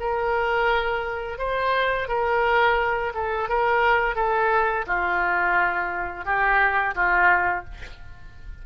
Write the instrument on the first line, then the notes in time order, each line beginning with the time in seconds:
oboe
0.00 A#4
1.39 C5
2.08 A#4
3.15 A4
3.49 A#4
4.16 A4
4.87 F4
6.25 G4
6.95 F4